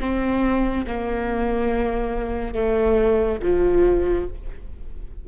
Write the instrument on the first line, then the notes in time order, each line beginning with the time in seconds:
viola
0.00 C4
0.87 A#3
2.54 A3
3.42 F3